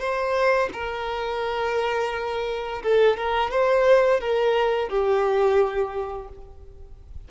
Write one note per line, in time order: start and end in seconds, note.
0.00 0.70 C5
0.74 2.83 A#4
2.83 3.17 A4
3.17 3.51 A#4
3.51 4.21 C5
4.21 4.90 A#4
4.90 6.29 G4